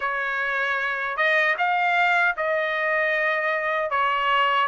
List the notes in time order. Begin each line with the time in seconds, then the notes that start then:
0.00 C#5
1.16 D#5
1.58 F5
2.37 D#5
3.90 C#5